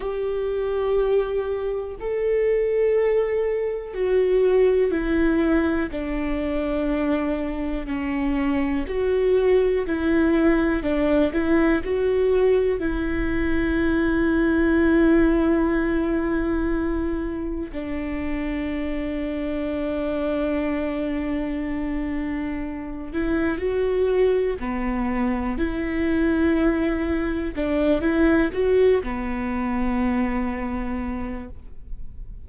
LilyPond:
\new Staff \with { instrumentName = "viola" } { \time 4/4 \tempo 4 = 61 g'2 a'2 | fis'4 e'4 d'2 | cis'4 fis'4 e'4 d'8 e'8 | fis'4 e'2.~ |
e'2 d'2~ | d'2.~ d'8 e'8 | fis'4 b4 e'2 | d'8 e'8 fis'8 b2~ b8 | }